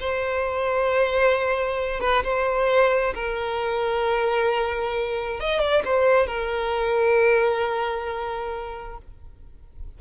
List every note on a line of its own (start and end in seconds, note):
0.00 2.01 C5
2.01 2.23 B4
2.23 3.14 C5
3.14 5.40 A#4
5.40 5.60 D#5
5.60 5.82 D5
5.85 6.27 C5
6.27 8.98 A#4